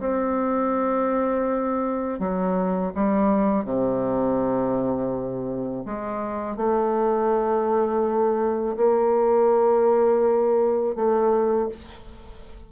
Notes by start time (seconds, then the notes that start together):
0.00 C4
2.20 F#3
2.95 G3
3.65 C3
5.86 G#3
6.57 A3
8.77 A#3
10.96 A3